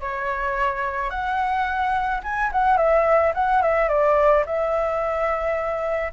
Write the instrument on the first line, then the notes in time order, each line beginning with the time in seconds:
flute
0.00 C#5
1.10 F#5
2.23 G#5
2.52 F#5
2.77 E5
3.34 F#5
3.62 E5
3.88 D5
4.46 E5